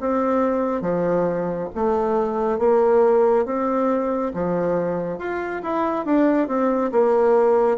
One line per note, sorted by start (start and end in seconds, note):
0.00 0.81 C4
0.81 1.68 F3
1.75 2.58 A3
2.58 3.45 A#3
3.45 4.32 C4
4.34 5.19 F3
5.19 5.62 F4
5.62 6.06 E4
6.06 6.47 D4
6.47 6.91 C4
6.92 7.77 A#3